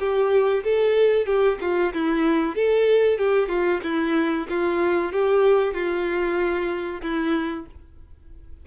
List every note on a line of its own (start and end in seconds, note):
0.00 0.64 G4
0.64 1.26 A4
1.26 1.58 G4
1.61 1.93 F4
1.94 2.56 E4
2.56 3.18 A4
3.18 3.49 G4
3.49 3.81 F4
3.83 4.47 E4
4.49 5.13 F4
5.13 5.74 G4
5.74 7.02 F4
7.02 7.66 E4